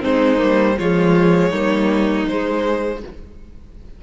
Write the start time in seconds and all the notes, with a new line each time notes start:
0.00 G#3 C4 D#4 C5
0.38 G3 A#3
0.78 F3 G#3 F4 C#5
1.50 G3 A#3 D#4
2.27 G#3 C5